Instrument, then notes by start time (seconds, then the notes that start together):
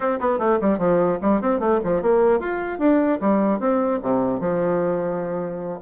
bassoon
0.00 C4
0.20 B3
0.38 A3
0.61 G3
0.78 F3
1.21 G3
1.41 C4
1.59 A3
1.83 F3
2.01 A#3
2.39 F4
2.79 D4
3.21 G3
3.59 C4
4.02 C3
4.39 F3